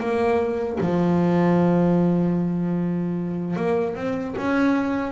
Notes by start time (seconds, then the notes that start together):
0.00 A#3
0.81 F3
3.56 A#3
3.96 C4
4.38 C#4